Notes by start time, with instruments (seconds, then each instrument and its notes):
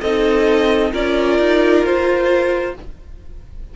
0.00 cello C4, viola D#4, violin A4 D#5
0.91 cello C#4, viola F4, violin A#4 D5
1.38 cello D#4
1.83 cello F4, violin C5